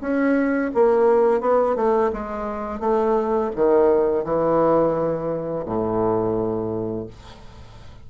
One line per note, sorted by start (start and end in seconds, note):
0.00 0.71 C#4
0.74 1.41 A#3
1.41 1.76 B3
1.76 2.11 A3
2.12 2.79 G#3
2.79 3.50 A3
3.55 4.24 D#3
4.24 5.65 E3
5.65 7.06 A2